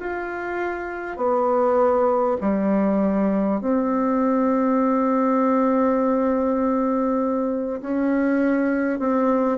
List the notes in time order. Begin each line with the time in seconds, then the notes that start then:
0.00 F4
1.17 B3
2.41 G3
3.61 C4
7.81 C#4
8.99 C4